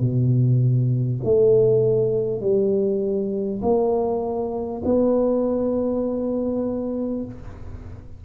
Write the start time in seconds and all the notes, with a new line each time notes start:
0.00 B2
1.24 A3
2.41 G3
3.62 A#3
4.85 B3